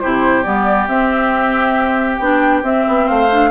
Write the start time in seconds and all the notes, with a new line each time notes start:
0.00 C3 E4 G4 C5
0.44 G3 B3 D5
0.88 C4 E5
2.17 B3 D4 G5
2.63 C4 E5
2.88 B3
3.06 A3 C5 F5
3.30 D4